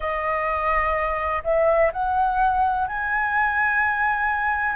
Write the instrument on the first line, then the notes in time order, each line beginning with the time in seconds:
flute
0.00 D#5
1.44 E5
1.92 F#5
2.87 G#5